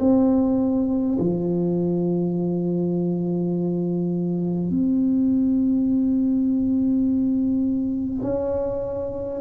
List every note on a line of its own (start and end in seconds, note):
0.00 1.18 C4
1.19 4.71 F3
4.71 8.22 C4
8.22 9.40 C#4